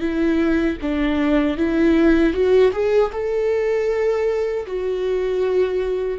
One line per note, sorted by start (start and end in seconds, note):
0.00 0.77 E4
0.82 1.57 D4
1.57 2.33 E4
2.33 2.72 F#4
2.72 3.11 G#4
3.13 4.66 A4
4.66 6.19 F#4